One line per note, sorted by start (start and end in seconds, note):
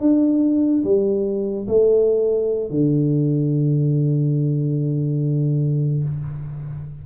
0.00 0.83 D4
0.84 1.67 G3
1.67 2.70 A3
2.70 6.04 D3